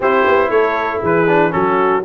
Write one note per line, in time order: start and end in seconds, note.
0.00 0.25 C4
0.00 1.27 E4
0.00 0.50 G4
0.00 0.50 C5
0.27 0.50 B3
0.50 1.01 A3
0.50 0.99 A4
0.50 1.01 C#5
0.99 1.53 E3
0.99 1.50 G#4
0.99 1.52 B4
1.27 1.50 D4
1.50 2.04 F#3
1.50 2.01 C#4
1.50 2.04 F#4
1.50 2.03 A4